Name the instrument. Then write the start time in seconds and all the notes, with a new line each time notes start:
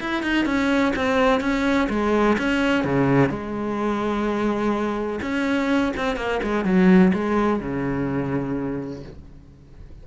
cello
0.00 E4
0.22 D#4
0.45 C#4
0.96 C4
1.40 C#4
1.89 G#3
2.38 C#4
2.84 C#3
3.29 G#3
5.21 C#4
5.97 C4
6.16 A#3
6.43 G#3
6.65 F#3
7.13 G#3
7.60 C#3